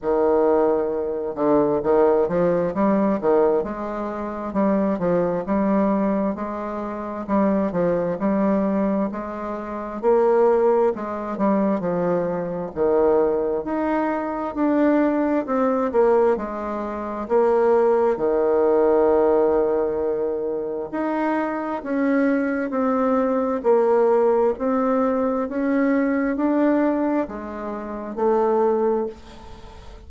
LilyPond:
\new Staff \with { instrumentName = "bassoon" } { \time 4/4 \tempo 4 = 66 dis4. d8 dis8 f8 g8 dis8 | gis4 g8 f8 g4 gis4 | g8 f8 g4 gis4 ais4 | gis8 g8 f4 dis4 dis'4 |
d'4 c'8 ais8 gis4 ais4 | dis2. dis'4 | cis'4 c'4 ais4 c'4 | cis'4 d'4 gis4 a4 | }